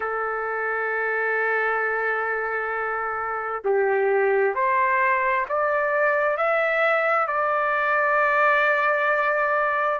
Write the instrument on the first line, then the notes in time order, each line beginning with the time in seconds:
trumpet
0.00 A4
3.64 G4
4.55 C5
5.48 D5
6.37 E5
7.27 D5